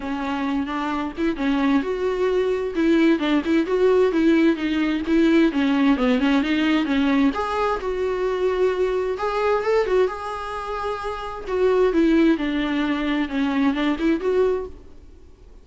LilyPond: \new Staff \with { instrumentName = "viola" } { \time 4/4 \tempo 4 = 131 cis'4. d'4 e'8 cis'4 | fis'2 e'4 d'8 e'8 | fis'4 e'4 dis'4 e'4 | cis'4 b8 cis'8 dis'4 cis'4 |
gis'4 fis'2. | gis'4 a'8 fis'8 gis'2~ | gis'4 fis'4 e'4 d'4~ | d'4 cis'4 d'8 e'8 fis'4 | }